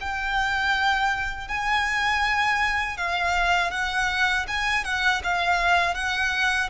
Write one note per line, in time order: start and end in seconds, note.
0.00 1.48 G5
1.48 2.97 G#5
2.97 3.71 F5
3.71 4.46 F#5
4.48 4.84 G#5
4.84 5.22 F#5
5.24 5.94 F5
5.94 6.69 F#5